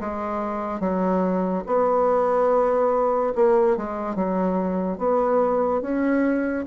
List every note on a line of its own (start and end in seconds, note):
0.00 0.80 G#3
0.80 1.64 F#3
1.67 3.33 B3
3.36 3.77 A#3
3.77 4.16 G#3
4.16 4.98 F#3
4.98 5.82 B3
5.82 6.65 C#4